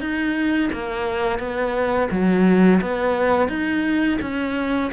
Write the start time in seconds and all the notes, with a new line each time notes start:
0.00 D#4
0.73 A#3
1.39 B3
2.11 F#3
2.81 B3
3.49 D#4
4.21 C#4